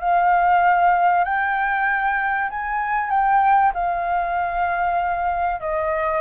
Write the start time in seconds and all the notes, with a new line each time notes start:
0.00 F5
1.24 G5
2.50 G#5
3.10 G5
3.74 F5
5.61 D#5